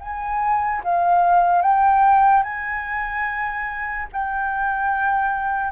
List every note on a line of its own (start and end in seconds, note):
0.00 0.82 G#5
0.84 1.62 F5
1.62 2.43 G5
2.43 4.07 G#5
4.12 5.72 G5